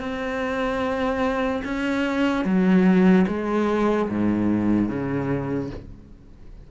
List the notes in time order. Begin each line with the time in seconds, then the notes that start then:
0.00 C4
1.64 C#4
2.45 F#3
3.28 G#3
4.09 G#2
4.89 C#3